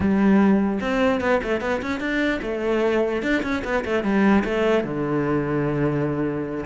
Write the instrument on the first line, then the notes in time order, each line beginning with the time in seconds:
cello
0.00 G3
0.80 C4
1.20 B3
1.43 A3
1.61 B3
1.82 C#4
2.00 D4
2.42 A3
3.22 D4
3.42 C#4
3.64 B3
3.84 A3
4.03 G3
4.44 A3
4.84 D3